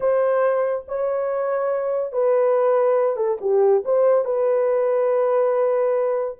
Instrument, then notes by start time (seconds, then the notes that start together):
horn
0.00 C5
0.88 C#5
2.12 B4
3.16 A4
3.40 G4
3.84 C5
4.24 B4